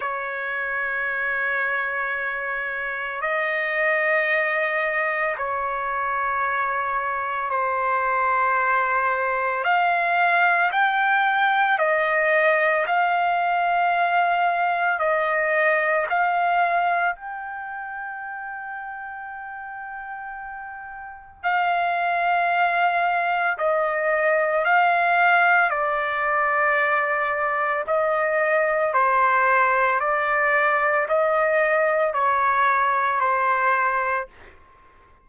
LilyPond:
\new Staff \with { instrumentName = "trumpet" } { \time 4/4 \tempo 4 = 56 cis''2. dis''4~ | dis''4 cis''2 c''4~ | c''4 f''4 g''4 dis''4 | f''2 dis''4 f''4 |
g''1 | f''2 dis''4 f''4 | d''2 dis''4 c''4 | d''4 dis''4 cis''4 c''4 | }